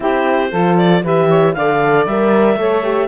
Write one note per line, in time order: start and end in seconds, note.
0.00 0.52 C4
0.00 0.51 E4
0.00 0.50 G4
0.00 0.77 C5
0.50 1.03 F3
0.50 1.03 F4
0.50 1.02 A4
0.77 1.03 D5
1.03 1.55 E3
1.03 1.56 G4
1.03 1.28 B4
1.03 1.53 E5
1.28 1.54 C#5
1.53 2.06 D3
1.53 2.09 A4
1.53 2.58 D5
1.53 2.05 F5
2.06 2.56 G3
2.06 2.58 A#4
2.06 3.08 E5
2.56 3.07 A3
2.56 2.83 A4
2.56 3.08 C#5
2.83 3.08 G4